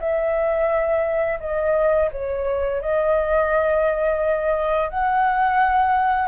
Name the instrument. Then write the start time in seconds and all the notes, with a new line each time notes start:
flute
0.00 E5
1.40 D#5
2.12 C#5
2.82 D#5
4.90 F#5